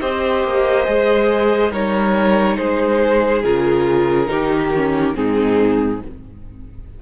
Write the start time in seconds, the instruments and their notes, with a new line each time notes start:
0.00 cello C4, viola G4, violin C5 D#5
0.44 cello A#3
0.86 cello G#3, viola G#4
1.72 cello G3, viola D#4, violin A#4 C#5
2.57 cello G#3, violin G#4 C5
3.44 cello C#3, viola F4, violin A#4
4.26 cello D#3, viola D#4, violin G4
4.76 viola C#4
5.14 cello G#2, viola C4, violin D#4 G#4